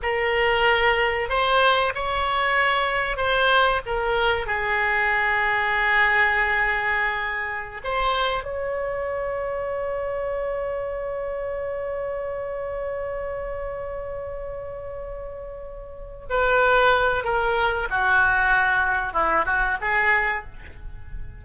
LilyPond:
\new Staff \with { instrumentName = "oboe" } { \time 4/4 \tempo 4 = 94 ais'2 c''4 cis''4~ | cis''4 c''4 ais'4 gis'4~ | gis'1~ | gis'16 c''4 cis''2~ cis''8.~ |
cis''1~ | cis''1~ | cis''4. b'4. ais'4 | fis'2 e'8 fis'8 gis'4 | }